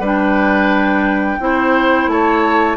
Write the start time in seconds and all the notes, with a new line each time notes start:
0.00 G3 D4 B4
0.06 G5
1.40 C4 E4 C5
2.07 A3 C#5 A5